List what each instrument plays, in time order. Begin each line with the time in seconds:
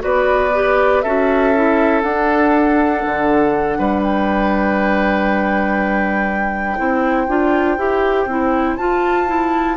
0.00 bassoon B3, clarinet F#4, oboe B4, flute D5
0.54 clarinet G4
1.01 bassoon C#4, clarinet F#4, oboe A4, flute E5
1.55 clarinet E4
2.02 clarinet D4, bassoon D4, flute F#5
3.05 bassoon D3
3.79 bassoon G3, oboe B4
4.03 flute G5
6.78 bassoon C4, clarinet E4, oboe C5
7.28 bassoon D4, clarinet F4
7.78 bassoon E4, clarinet G4
8.26 bassoon C4, clarinet E4
8.77 clarinet F4, bassoon F4, flute A5
9.27 clarinet E4